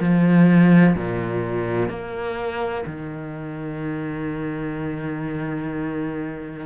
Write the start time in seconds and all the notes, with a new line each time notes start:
0.00 F3
0.96 A#2
1.89 A#3
2.86 D#3